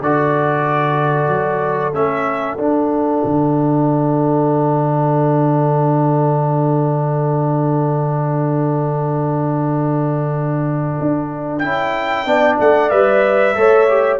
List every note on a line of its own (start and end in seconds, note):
0.00 1.28 D3
0.00 1.93 F#4
0.00 12.27 A4
0.00 1.94 D5
1.28 1.92 F#3
1.93 2.57 A3
1.93 2.57 C#4
1.93 2.58 E5
2.58 3.22 D4
2.58 11.62 D4
2.58 11.58 F#5
3.24 10.98 D3
10.99 11.63 D4
11.58 12.26 C#4
11.58 12.25 E4
11.58 12.55 G5
12.25 12.58 B3
12.25 12.90 D4
12.25 13.56 D5
12.59 12.91 A3
12.59 12.90 F#5
12.90 13.55 G3
12.90 13.54 B4
12.90 14.19 E5
13.55 14.19 A3
13.55 13.87 A4
13.55 14.19 C#5
13.88 14.19 G4